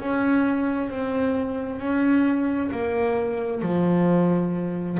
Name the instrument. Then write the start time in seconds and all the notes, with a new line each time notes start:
double bass
0.00 C#4
0.90 C4
1.79 C#4
2.72 A#3
3.62 F3